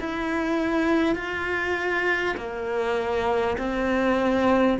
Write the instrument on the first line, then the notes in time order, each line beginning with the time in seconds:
cello
0.00 E4
1.15 F4
2.37 A#3
3.57 C4